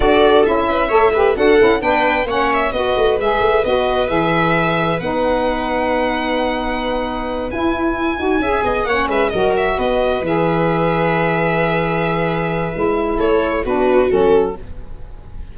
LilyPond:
<<
  \new Staff \with { instrumentName = "violin" } { \time 4/4 \tempo 4 = 132 d''4 e''2 fis''4 | g''4 fis''8 e''8 dis''4 e''4 | dis''4 e''2 fis''4~ | fis''1~ |
fis''8 gis''2. fis''8 | e''8 dis''8 e''8 dis''4 e''4.~ | e''1~ | e''4 cis''4 b'4 a'4 | }
  \new Staff \with { instrumentName = "viola" } { \time 4/4 a'4. b'8 cis''8 b'8 a'4 | b'4 cis''4 b'2~ | b'1~ | b'1~ |
b'2~ b'8 e''8 dis''8 cis''8 | b'8 ais'4 b'2~ b'8~ | b'1~ | b'4 a'4 fis'2 | }
  \new Staff \with { instrumentName = "saxophone" } { \time 4/4 fis'4 e'4 a'8 g'8 fis'8 e'8 | d'4 cis'4 fis'4 gis'4 | fis'4 gis'2 dis'4~ | dis'1~ |
dis'8 e'4. fis'8 gis'4 cis'8~ | cis'8 fis'2 gis'4.~ | gis'1 | e'2 d'4 cis'4 | }
  \new Staff \with { instrumentName = "tuba" } { \time 4/4 d'4 cis'4 a4 d'8 cis'8 | b4 ais4 b8 a8 gis8 a8 | b4 e2 b4~ | b1~ |
b8 e'4. dis'8 cis'8 b8 ais8 | gis8 fis4 b4 e4.~ | e1 | gis4 a4 b4 fis4 | }
>>